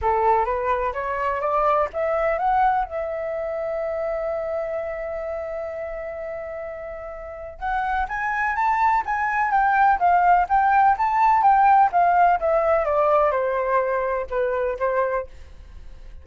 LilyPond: \new Staff \with { instrumentName = "flute" } { \time 4/4 \tempo 4 = 126 a'4 b'4 cis''4 d''4 | e''4 fis''4 e''2~ | e''1~ | e''1 |
fis''4 gis''4 a''4 gis''4 | g''4 f''4 g''4 a''4 | g''4 f''4 e''4 d''4 | c''2 b'4 c''4 | }